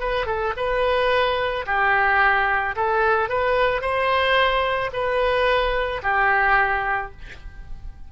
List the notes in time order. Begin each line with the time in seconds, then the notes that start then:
0.00 B4
0.26 A4
0.57 B4
1.67 G4
2.76 A4
3.29 B4
3.82 C5
4.93 B4
6.03 G4